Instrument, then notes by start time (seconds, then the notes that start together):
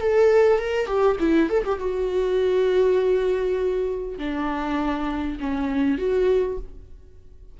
viola
0.00 A4
0.59 A#4
0.86 G4
1.19 E4
1.49 A4
1.64 G4
1.79 F#4
4.18 D4
5.40 C#4
5.98 F#4